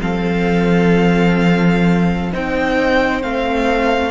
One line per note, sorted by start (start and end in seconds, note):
0.00 2.32 F3
0.00 2.31 C4
0.00 2.32 A4
0.00 2.32 F5
2.32 3.23 C4
2.32 3.22 D#4
2.32 4.11 C5
2.32 3.23 G5
3.22 4.11 A3
3.22 4.11 C4
3.22 4.11 F5